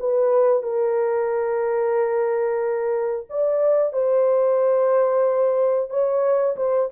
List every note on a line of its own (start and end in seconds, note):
0.00 0.63 B4
0.63 3.27 A#4
3.30 3.93 D5
3.93 5.90 C5
5.90 6.56 C#5
6.57 6.90 C5